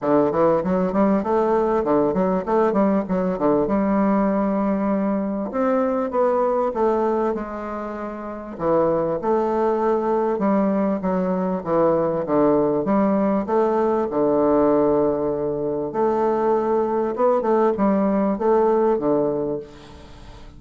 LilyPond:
\new Staff \with { instrumentName = "bassoon" } { \time 4/4 \tempo 4 = 98 d8 e8 fis8 g8 a4 d8 fis8 | a8 g8 fis8 d8 g2~ | g4 c'4 b4 a4 | gis2 e4 a4~ |
a4 g4 fis4 e4 | d4 g4 a4 d4~ | d2 a2 | b8 a8 g4 a4 d4 | }